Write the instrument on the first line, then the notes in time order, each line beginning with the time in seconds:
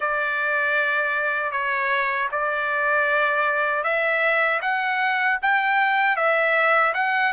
trumpet
0.00 D5
1.51 C#5
2.31 D5
3.83 E5
4.62 F#5
5.42 G5
6.16 E5
6.94 F#5